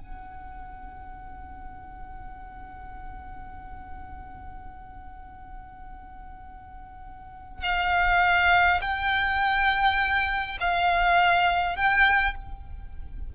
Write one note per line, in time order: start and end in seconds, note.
0.00 7.63 F#5
7.63 8.81 F5
8.81 10.58 G5
10.60 11.76 F5
11.76 12.35 G5